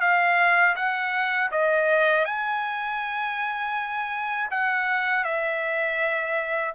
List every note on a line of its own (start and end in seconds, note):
0.00 0.75 F5
0.75 1.50 F#5
1.51 2.24 D#5
2.24 4.49 G#5
4.50 5.24 F#5
5.24 6.74 E5